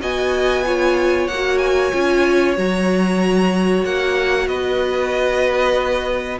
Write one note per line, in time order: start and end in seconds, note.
0.00 1.28 B3
0.00 0.64 F#4
0.00 0.64 D#5
0.00 1.27 G#5
0.65 1.29 F4
0.65 4.48 C#5
1.27 1.92 A#3
1.27 1.58 F#5
1.34 1.92 F#4
1.58 2.54 G#5
1.92 2.57 C#4
1.92 2.56 F4
2.56 3.84 F#3
2.56 6.39 F#4
2.56 3.85 A#5
3.84 4.47 A#3
3.84 4.47 F#5
4.47 6.39 B3
4.47 6.39 B4
4.47 6.39 D#5